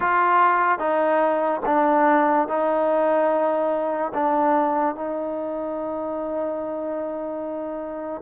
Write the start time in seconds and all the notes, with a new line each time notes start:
0.00 F4
0.78 D#4
1.65 D4
2.48 D#4
4.14 D4
4.95 D#4